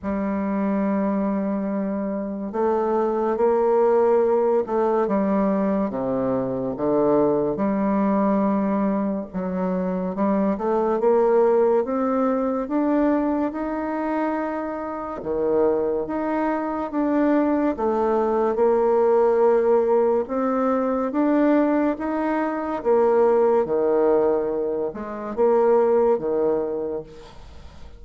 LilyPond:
\new Staff \with { instrumentName = "bassoon" } { \time 4/4 \tempo 4 = 71 g2. a4 | ais4. a8 g4 c4 | d4 g2 fis4 | g8 a8 ais4 c'4 d'4 |
dis'2 dis4 dis'4 | d'4 a4 ais2 | c'4 d'4 dis'4 ais4 | dis4. gis8 ais4 dis4 | }